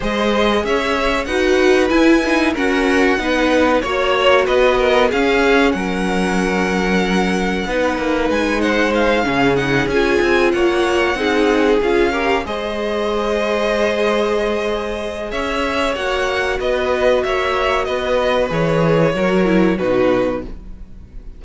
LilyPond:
<<
  \new Staff \with { instrumentName = "violin" } { \time 4/4 \tempo 4 = 94 dis''4 e''4 fis''4 gis''4 | fis''2 cis''4 dis''4 | f''4 fis''2.~ | fis''4 gis''8 fis''8 f''4 fis''8 gis''8~ |
gis''8 fis''2 f''4 dis''8~ | dis''1 | e''4 fis''4 dis''4 e''4 | dis''4 cis''2 b'4 | }
  \new Staff \with { instrumentName = "violin" } { \time 4/4 c''4 cis''4 b'2 | ais'4 b'4 cis''4 b'8 ais'8 | gis'4 ais'2. | b'4. c''4 gis'4.~ |
gis'8 cis''4 gis'4. ais'8 c''8~ | c''1 | cis''2 b'4 cis''4 | b'2 ais'4 fis'4 | }
  \new Staff \with { instrumentName = "viola" } { \time 4/4 gis'2 fis'4 e'8 dis'8 | cis'4 dis'4 fis'2 | cis'1 | dis'2~ dis'8 cis'8 dis'8 f'8~ |
f'4. dis'4 f'8 g'8 gis'8~ | gis'1~ | gis'4 fis'2.~ | fis'4 gis'4 fis'8 e'8 dis'4 | }
  \new Staff \with { instrumentName = "cello" } { \time 4/4 gis4 cis'4 dis'4 e'4 | fis'4 b4 ais4 b4 | cis'4 fis2. | b8 ais8 gis4. cis4 cis'8 |
c'8 ais4 c'4 cis'4 gis8~ | gis1 | cis'4 ais4 b4 ais4 | b4 e4 fis4 b,4 | }
>>